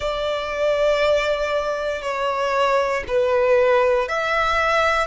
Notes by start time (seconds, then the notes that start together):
0.00 D5
2.02 C#5
3.07 B4
4.08 E5